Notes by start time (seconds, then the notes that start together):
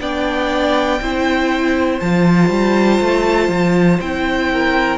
0.00 B3 D4 D5 G5
1.01 C4 E4 C5
2.00 F3 F4 A5
2.50 G3
3.01 A3
3.49 F3
4.01 C4 E4 G5
4.53 A#4